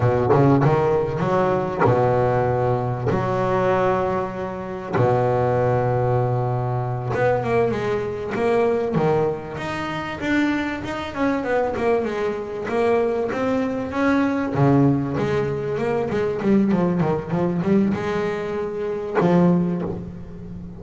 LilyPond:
\new Staff \with { instrumentName = "double bass" } { \time 4/4 \tempo 4 = 97 b,8 cis8 dis4 fis4 b,4~ | b,4 fis2. | b,2.~ b,8 b8 | ais8 gis4 ais4 dis4 dis'8~ |
dis'8 d'4 dis'8 cis'8 b8 ais8 gis8~ | gis8 ais4 c'4 cis'4 cis8~ | cis8 gis4 ais8 gis8 g8 f8 dis8 | f8 g8 gis2 f4 | }